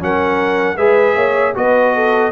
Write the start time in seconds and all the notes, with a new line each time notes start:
0.00 F#3 C#4 A#4 F#5
0.77 G#3 G#4 B4 E5
1.15 A#3 C#5
1.55 B3 F#4 B4 D#5
1.95 A4